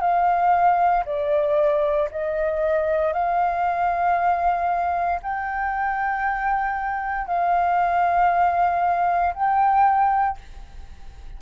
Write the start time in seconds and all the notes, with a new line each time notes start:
0.00 F5
1.05 D5
2.10 D#5
3.13 F5
5.22 G5
7.26 F5
9.34 G5